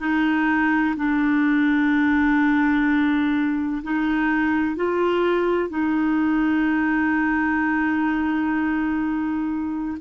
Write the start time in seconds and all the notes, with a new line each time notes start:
0.00 D#4
0.97 D4
3.83 D#4
4.76 F4
5.70 D#4